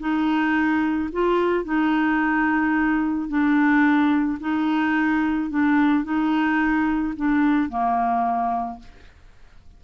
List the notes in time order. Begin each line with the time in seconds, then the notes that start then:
0.00 D#4
1.13 F4
1.65 D#4
3.29 D4
4.40 D#4
5.50 D4
6.04 D#4
7.17 D4
7.69 A#3